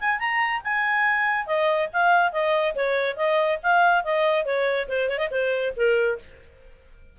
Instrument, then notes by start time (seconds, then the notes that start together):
clarinet
0.00 G#5
0.20 A#5
0.64 G#5
1.47 D#5
1.93 F5
2.32 D#5
2.75 C#5
3.17 D#5
3.63 F5
4.04 D#5
4.45 C#5
4.89 C5
5.09 C#5
5.18 D#5
5.31 C5
5.77 A#4